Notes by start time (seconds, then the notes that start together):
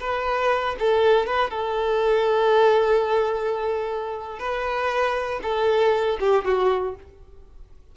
0.00 B4
0.79 A4
1.27 B4
1.50 A4
4.39 B4
5.42 A4
6.20 G4
6.45 F#4